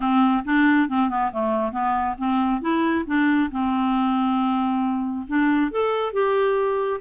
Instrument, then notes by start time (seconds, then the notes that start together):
clarinet
0.00 C4
0.45 D4
0.89 C4
1.09 B3
1.32 A3
1.71 B3
2.18 C4
2.61 E4
3.06 D4
3.51 C4
5.27 D4
5.71 A4
6.12 G4